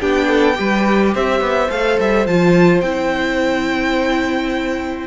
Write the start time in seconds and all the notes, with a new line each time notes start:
0.00 B3 D4 G4 G5
0.27 A4
0.54 G3 G4 B4
1.14 C4 C5 E5
1.40 B3
1.69 A3 A4 F5
1.99 G3 E5
2.26 F3 F4 A5
2.80 C4 E4 G5